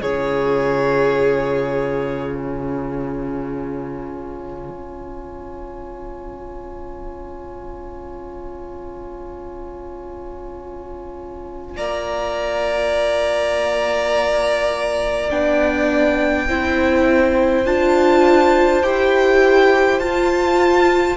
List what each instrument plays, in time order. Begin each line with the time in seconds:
0.00 cello C#3, viola F4, violin G#4 C#5
2.35 violin C#5 G#5
4.71 cello C#4
11.77 cello A#3, violin D5 A#5
15.31 cello B3, viola D4, violin G5
16.48 cello C4, viola E4, violin C5
17.65 cello D4, viola F4, violin A5
18.83 cello E4, viola G4, violin G5
20.00 cello F4, viola F4, violin A5